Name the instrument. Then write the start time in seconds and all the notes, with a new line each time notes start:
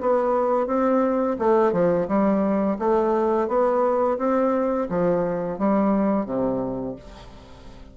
bassoon
0.00 B3
0.67 C4
1.39 A3
1.72 F3
2.08 G3
2.79 A3
3.48 B3
4.18 C4
4.89 F3
5.58 G3
6.25 C3